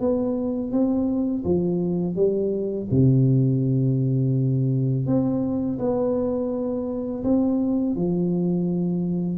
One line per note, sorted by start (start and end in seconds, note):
0.00 0.72 B3
0.72 1.44 C4
1.45 2.16 F3
2.16 2.88 G3
2.91 5.07 C3
5.07 5.79 C4
5.79 7.24 B3
7.24 7.96 C4
7.96 9.38 F3